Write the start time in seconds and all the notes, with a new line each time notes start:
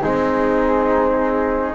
0.00 G#3 C4 D#4 G#4